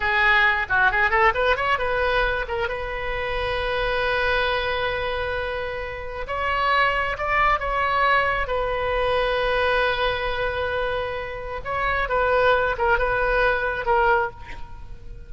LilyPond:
\new Staff \with { instrumentName = "oboe" } { \time 4/4 \tempo 4 = 134 gis'4. fis'8 gis'8 a'8 b'8 cis''8 | b'4. ais'8 b'2~ | b'1~ | b'2 cis''2 |
d''4 cis''2 b'4~ | b'1~ | b'2 cis''4 b'4~ | b'8 ais'8 b'2 ais'4 | }